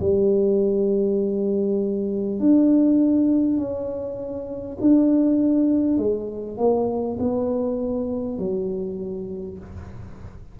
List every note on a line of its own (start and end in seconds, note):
0.00 2.39 G3
2.39 3.58 D4
3.58 4.78 C#4
4.81 5.97 D4
5.97 6.57 G#3
6.57 7.17 A#3
7.19 8.38 B3
8.38 9.58 F#3